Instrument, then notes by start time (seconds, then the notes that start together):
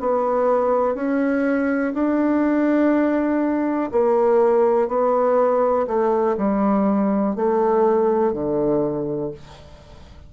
bassoon
0.00 B3
0.95 C#4
1.94 D4
3.92 A#3
4.88 B3
5.87 A3
6.37 G3
7.35 A3
8.33 D3